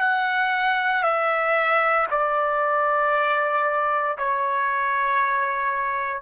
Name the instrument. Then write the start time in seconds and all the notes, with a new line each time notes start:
trumpet
0.00 F#5
1.03 E5
2.11 D5
4.18 C#5